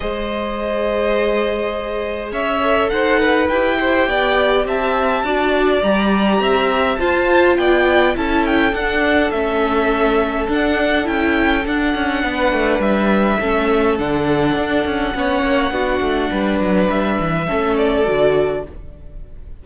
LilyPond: <<
  \new Staff \with { instrumentName = "violin" } { \time 4/4 \tempo 4 = 103 dis''1 | e''4 fis''4 g''2 | a''2 ais''2 | a''4 g''4 a''8 g''8 fis''4 |
e''2 fis''4 g''4 | fis''2 e''2 | fis''1~ | fis''4 e''4. d''4. | }
  \new Staff \with { instrumentName = "violin" } { \time 4/4 c''1 | cis''4 c''8 b'4 c''8 d''4 | e''4 d''2 e''4 | c''4 d''4 a'2~ |
a'1~ | a'4 b'2 a'4~ | a'2 cis''4 fis'4 | b'2 a'2 | }
  \new Staff \with { instrumentName = "viola" } { \time 4/4 gis'1~ | gis'8 a'4. g'2~ | g'4 fis'4 g'2 | f'2 e'4 d'4 |
cis'2 d'4 e'4 | d'2. cis'4 | d'2 cis'4 d'4~ | d'2 cis'4 fis'4 | }
  \new Staff \with { instrumentName = "cello" } { \time 4/4 gis1 | cis'4 dis'4 e'4 b4 | c'4 d'4 g4 c'4 | f'4 b4 cis'4 d'4 |
a2 d'4 cis'4 | d'8 cis'8 b8 a8 g4 a4 | d4 d'8 cis'8 b8 ais8 b8 a8 | g8 fis8 g8 e8 a4 d4 | }
>>